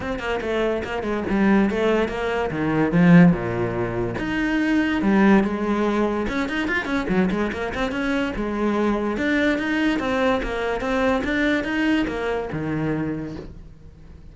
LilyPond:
\new Staff \with { instrumentName = "cello" } { \time 4/4 \tempo 4 = 144 c'8 ais8 a4 ais8 gis8 g4 | a4 ais4 dis4 f4 | ais,2 dis'2 | g4 gis2 cis'8 dis'8 |
f'8 cis'8 fis8 gis8 ais8 c'8 cis'4 | gis2 d'4 dis'4 | c'4 ais4 c'4 d'4 | dis'4 ais4 dis2 | }